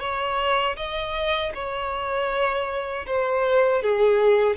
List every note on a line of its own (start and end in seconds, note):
0.00 0.76 C#5
0.77 1.53 D#5
1.54 3.06 C#5
3.06 3.82 C5
3.83 4.56 G#4